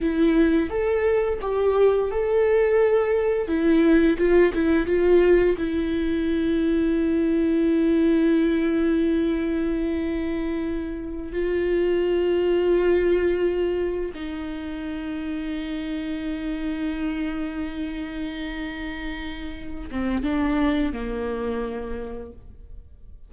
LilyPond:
\new Staff \with { instrumentName = "viola" } { \time 4/4 \tempo 4 = 86 e'4 a'4 g'4 a'4~ | a'4 e'4 f'8 e'8 f'4 | e'1~ | e'1~ |
e'16 f'2.~ f'8.~ | f'16 dis'2.~ dis'8.~ | dis'1~ | dis'8 c'8 d'4 ais2 | }